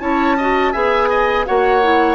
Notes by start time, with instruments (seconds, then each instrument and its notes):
0.00 bassoon C#4, clarinet E4, oboe C#5, flute A5
0.37 clarinet F#4, oboe D#5
0.72 bassoon B3, clarinet G#4, oboe E5, flute G#5
1.09 oboe D#5
1.46 bassoon A#3, clarinet F#4, oboe C#5, flute F#5
1.82 clarinet E4